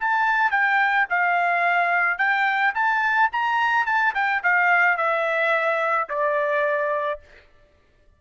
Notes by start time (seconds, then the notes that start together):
0.00 A5
0.51 G5
1.09 F5
2.18 G5
2.74 A5
3.32 A#5
3.86 A5
4.14 G5
4.43 F5
4.97 E5
6.09 D5